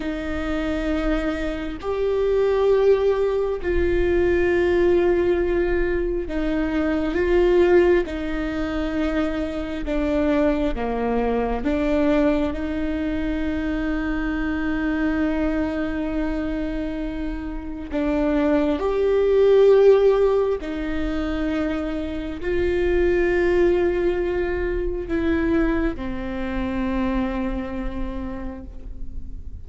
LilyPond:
\new Staff \with { instrumentName = "viola" } { \time 4/4 \tempo 4 = 67 dis'2 g'2 | f'2. dis'4 | f'4 dis'2 d'4 | ais4 d'4 dis'2~ |
dis'1 | d'4 g'2 dis'4~ | dis'4 f'2. | e'4 c'2. | }